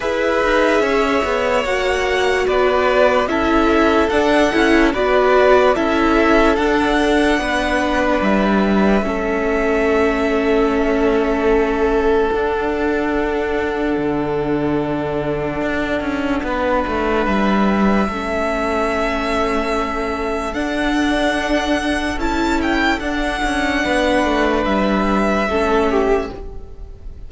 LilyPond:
<<
  \new Staff \with { instrumentName = "violin" } { \time 4/4 \tempo 4 = 73 e''2 fis''4 d''4 | e''4 fis''4 d''4 e''4 | fis''2 e''2~ | e''2. fis''4~ |
fis''1~ | fis''4 e''2.~ | e''4 fis''2 a''8 g''8 | fis''2 e''2 | }
  \new Staff \with { instrumentName = "violin" } { \time 4/4 b'4 cis''2 b'4 | a'2 b'4 a'4~ | a'4 b'2 a'4~ | a'1~ |
a'1 | b'2 a'2~ | a'1~ | a'4 b'2 a'8 g'8 | }
  \new Staff \with { instrumentName = "viola" } { \time 4/4 gis'2 fis'2 | e'4 d'8 e'8 fis'4 e'4 | d'2. cis'4~ | cis'2. d'4~ |
d'1~ | d'2 cis'2~ | cis'4 d'2 e'4 | d'2. cis'4 | }
  \new Staff \with { instrumentName = "cello" } { \time 4/4 e'8 dis'8 cis'8 b8 ais4 b4 | cis'4 d'8 cis'8 b4 cis'4 | d'4 b4 g4 a4~ | a2. d'4~ |
d'4 d2 d'8 cis'8 | b8 a8 g4 a2~ | a4 d'2 cis'4 | d'8 cis'8 b8 a8 g4 a4 | }
>>